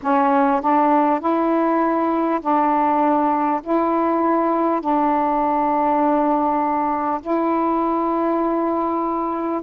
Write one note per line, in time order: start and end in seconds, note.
0.02 0.61 C#4
0.61 1.19 D4
1.19 2.39 E4
2.41 3.61 D4
3.63 4.81 E4
4.81 7.21 D4
7.21 9.61 E4